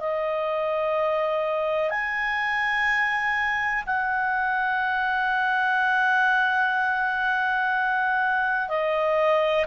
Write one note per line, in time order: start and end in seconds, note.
0.00 1.90 D#5
1.90 3.84 G#5
3.86 8.69 F#5
8.69 9.66 D#5